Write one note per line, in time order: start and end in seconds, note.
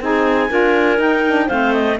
0.00 0.50 C4
0.00 0.49 D#4
0.00 0.49 G#4
0.00 1.01 G#5
0.49 0.99 D4
0.49 0.96 F4
0.49 1.46 A#4
0.96 1.21 D#4
0.96 1.48 D#4
0.96 1.48 G5
1.27 1.49 D4
1.46 1.99 A3
1.46 1.98 C4
1.46 1.95 C5
1.46 1.73 F5
1.73 1.98 D#5